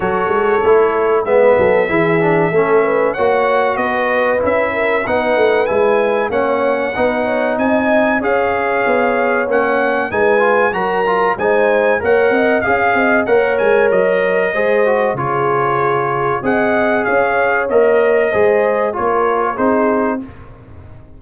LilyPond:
<<
  \new Staff \with { instrumentName = "trumpet" } { \time 4/4 \tempo 4 = 95 cis''2 e''2~ | e''4 fis''4 dis''4 e''4 | fis''4 gis''4 fis''2 | gis''4 f''2 fis''4 |
gis''4 ais''4 gis''4 fis''4 | f''4 fis''8 gis''8 dis''2 | cis''2 fis''4 f''4 | dis''2 cis''4 c''4 | }
  \new Staff \with { instrumentName = "horn" } { \time 4/4 a'2 b'8 a'8 gis'4 | a'8 b'8 cis''4 b'4. ais'8 | b'2 cis''4 b'8 cis''8 | dis''4 cis''2. |
b'4 ais'4 c''4 cis''8 dis''8 | f''8 dis''8 cis''2 c''4 | gis'2 dis''4 cis''4~ | cis''4 c''4 ais'4 gis'4 | }
  \new Staff \with { instrumentName = "trombone" } { \time 4/4 fis'4 e'4 b4 e'8 d'8 | cis'4 fis'2 e'4 | dis'4 e'4 cis'4 dis'4~ | dis'4 gis'2 cis'4 |
dis'8 f'8 fis'8 f'8 dis'4 ais'4 | gis'4 ais'2 gis'8 fis'8 | f'2 gis'2 | ais'4 gis'4 f'4 dis'4 | }
  \new Staff \with { instrumentName = "tuba" } { \time 4/4 fis8 gis8 a4 gis8 fis8 e4 | a4 ais4 b4 cis'4 | b8 a8 gis4 ais4 b4 | c'4 cis'4 b4 ais4 |
gis4 fis4 gis4 ais8 c'8 | cis'8 c'8 ais8 gis8 fis4 gis4 | cis2 c'4 cis'4 | ais4 gis4 ais4 c'4 | }
>>